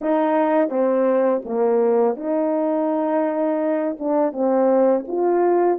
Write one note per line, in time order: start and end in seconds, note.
0.01 0.69 D#4
0.69 1.41 C4
1.45 2.16 A#3
2.16 3.97 D#4
3.99 4.32 D4
4.32 5.04 C4
5.07 5.79 F4